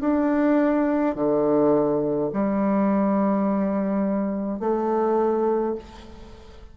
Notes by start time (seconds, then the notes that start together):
0.00 D4
1.15 D3
2.33 G3
4.59 A3